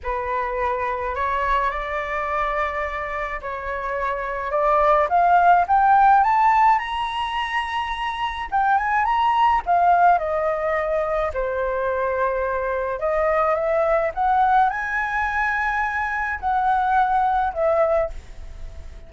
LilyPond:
\new Staff \with { instrumentName = "flute" } { \time 4/4 \tempo 4 = 106 b'2 cis''4 d''4~ | d''2 cis''2 | d''4 f''4 g''4 a''4 | ais''2. g''8 gis''8 |
ais''4 f''4 dis''2 | c''2. dis''4 | e''4 fis''4 gis''2~ | gis''4 fis''2 e''4 | }